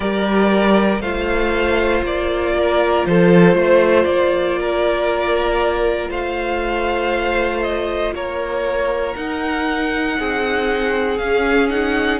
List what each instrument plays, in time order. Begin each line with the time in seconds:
0.00 cello G3, viola G4, violin A#4 D5
1.00 cello A3, viola F4, violin C5 F5
2.03 cello A#3, violin D5
2.56 violin A#4
3.06 cello F3, violin A4 C5
3.54 cello A3, violin C5
4.04 cello A#3, violin D5
4.59 violin A#4
6.10 cello A3, violin C5 F5
7.62 violin D#5
8.13 cello A#3, violin A#4 C#5
9.15 viola D#4, cello D#4, violin F#5
10.18 cello C4, violin G#4
11.18 cello C#4, viola C#4, violin F5
11.69 viola D#4, violin F#5